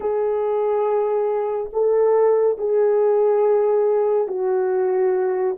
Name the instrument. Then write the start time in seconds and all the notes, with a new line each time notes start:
horn
0.00 G#4
1.73 A4
2.58 G#4
4.27 F#4